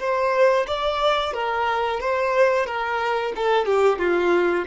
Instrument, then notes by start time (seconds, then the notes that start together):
violin
0.00 C5
0.68 D5
1.34 A#4
2.01 C5
2.67 A#4
3.36 A4
3.66 G4
3.99 F4